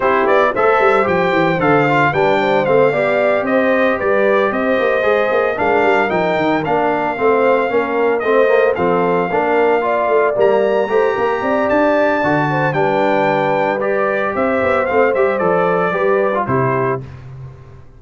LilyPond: <<
  \new Staff \with { instrumentName = "trumpet" } { \time 4/4 \tempo 4 = 113 c''8 d''8 e''4 g''4 f''4 | g''4 f''4. dis''4 d''8~ | d''8 dis''2 f''4 g''8~ | g''8 f''2. dis''8~ |
dis''8 f''2. ais''8~ | ais''2 a''2 | g''2 d''4 e''4 | f''8 e''8 d''2 c''4 | }
  \new Staff \with { instrumentName = "horn" } { \time 4/4 g'4 c''2. | b'8 c''4 d''4 c''4 b'8~ | b'8 c''2 ais'4.~ | ais'4. c''4 ais'4 c''8~ |
c''8 a'4 ais'4 d''4.~ | d''8 c''8 ais'8 d''2 c''8 | b'2. c''4~ | c''2 b'4 g'4 | }
  \new Staff \with { instrumentName = "trombone" } { \time 4/4 e'4 a'4 g'4 a'8 f'8 | d'4 c'8 g'2~ g'8~ | g'4. gis'4 d'4 dis'8~ | dis'8 d'4 c'4 cis'4 c'8 |
ais8 c'4 d'4 f'4 ais8~ | ais8 g'2~ g'8 fis'4 | d'2 g'2 | c'8 g'8 a'4 g'8. f'16 e'4 | }
  \new Staff \with { instrumentName = "tuba" } { \time 4/4 c'8 b8 a8 g8 f8 e8 d4 | g4 a8 b4 c'4 g8~ | g8 c'8 ais8 gis8 ais8 gis8 g8 f8 | dis8 ais4 a4 ais4 a8~ |
a8 f4 ais4. a8 g8~ | g8 a8 ais8 c'8 d'4 d4 | g2. c'8 b8 | a8 g8 f4 g4 c4 | }
>>